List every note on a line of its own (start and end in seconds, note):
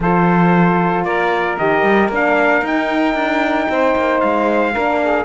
0.00 1.04 F3
0.00 1.58 F4
0.00 1.05 A4
0.00 1.04 C5
1.04 1.57 A#3
1.04 3.68 A#4
1.04 1.57 D5
1.58 1.82 D#3
1.58 2.11 G4
1.58 2.10 D#5
1.82 2.09 G3
2.09 2.61 A#3
2.09 2.63 D4
2.09 2.66 F5
2.61 3.14 D#4
2.61 4.73 D#4
2.61 4.20 G5
3.14 3.66 D4
3.68 3.95 C4
3.68 4.72 C5
3.95 4.22 A#3
4.20 4.75 G#3
4.20 5.24 F5
4.72 5.24 A#3
4.72 5.24 D4
4.72 4.99 A#4
5.04 5.24 G#4